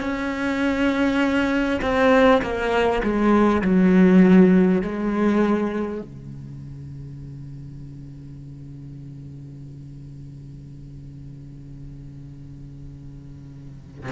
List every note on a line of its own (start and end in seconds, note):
0.00 1.80 C#4
1.82 2.42 C4
2.42 3.02 A#3
3.03 3.61 G#3
3.61 4.81 F#3
4.81 6.01 G#3
6.02 14.12 C#3